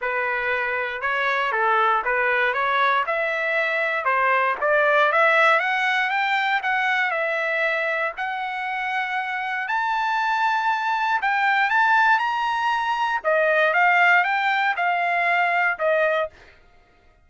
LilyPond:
\new Staff \with { instrumentName = "trumpet" } { \time 4/4 \tempo 4 = 118 b'2 cis''4 a'4 | b'4 cis''4 e''2 | c''4 d''4 e''4 fis''4 | g''4 fis''4 e''2 |
fis''2. a''4~ | a''2 g''4 a''4 | ais''2 dis''4 f''4 | g''4 f''2 dis''4 | }